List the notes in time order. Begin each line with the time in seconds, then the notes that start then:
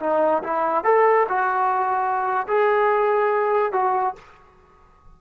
0.00 D#4
0.43 E4
0.84 A4
1.29 F#4
2.48 G#4
3.72 F#4